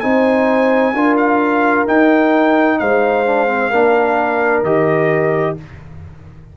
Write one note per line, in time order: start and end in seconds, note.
0.00 0.93 C4
0.00 0.94 D#4
0.00 0.95 C5
0.00 1.15 G#5
0.93 1.86 D4
0.93 1.87 F4
0.93 2.80 A#4
1.17 1.86 F5
1.87 2.80 D#4
1.87 3.26 D#4
1.87 2.79 G5
2.79 3.72 G#3
2.79 3.70 C5
2.79 4.63 F5
3.26 3.47 D4
3.47 3.70 C4
3.70 4.62 A#3
3.70 4.65 D4
3.70 5.55 A#4
4.62 5.54 D#3
4.62 5.57 G4
4.62 5.56 D#5